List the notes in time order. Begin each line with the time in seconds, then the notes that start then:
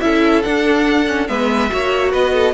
0.00 C#4 E4 A4 E5
0.42 D4 F#5
1.07 C#4
1.27 G#3 B3 B4 E5
1.69 A#3 F#4 C#5
2.11 B3 B4 D#5
2.33 A4